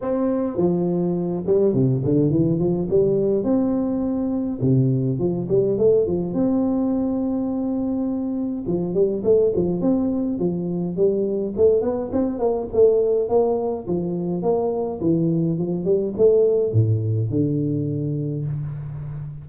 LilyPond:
\new Staff \with { instrumentName = "tuba" } { \time 4/4 \tempo 4 = 104 c'4 f4. g8 c8 d8 | e8 f8 g4 c'2 | c4 f8 g8 a8 f8 c'4~ | c'2. f8 g8 |
a8 f8 c'4 f4 g4 | a8 b8 c'8 ais8 a4 ais4 | f4 ais4 e4 f8 g8 | a4 a,4 d2 | }